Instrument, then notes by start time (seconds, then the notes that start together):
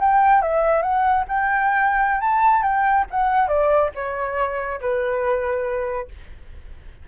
flute
0.00 G5
0.42 E5
0.82 F#5
1.28 G5
2.21 A5
2.63 G5
3.10 F#5
3.48 D5
3.95 C#5
4.81 B4